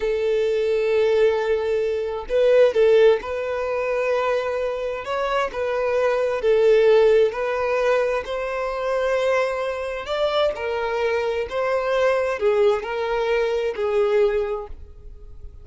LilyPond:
\new Staff \with { instrumentName = "violin" } { \time 4/4 \tempo 4 = 131 a'1~ | a'4 b'4 a'4 b'4~ | b'2. cis''4 | b'2 a'2 |
b'2 c''2~ | c''2 d''4 ais'4~ | ais'4 c''2 gis'4 | ais'2 gis'2 | }